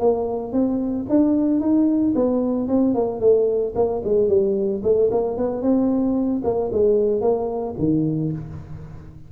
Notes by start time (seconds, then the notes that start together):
0.00 A#3
0.53 C4
1.10 D4
1.61 D#4
2.16 B3
2.68 C4
2.95 A#3
3.20 A3
3.76 A#3
4.05 G#3
4.29 G3
4.83 A3
5.12 A#3
5.37 B3
5.62 C4
6.45 A#3
6.73 G#3
7.22 A#3
7.79 D#3